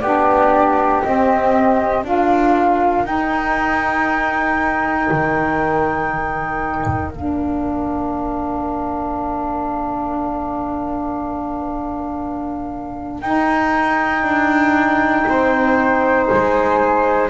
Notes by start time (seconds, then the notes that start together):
0.00 B3 D4 G4 D5
1.03 C4 D#5
2.02 D4 F4 A#4 F5
3.05 D#4 G5
5.12 D#3
7.12 A#3 D4 F5
13.21 D#4 G5
14.24 D4
15.28 C4 C5
16.28 G#3 G#5